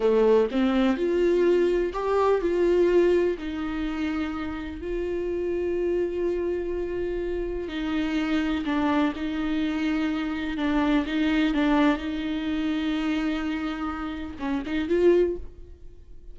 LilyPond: \new Staff \with { instrumentName = "viola" } { \time 4/4 \tempo 4 = 125 a4 c'4 f'2 | g'4 f'2 dis'4~ | dis'2 f'2~ | f'1 |
dis'2 d'4 dis'4~ | dis'2 d'4 dis'4 | d'4 dis'2.~ | dis'2 cis'8 dis'8 f'4 | }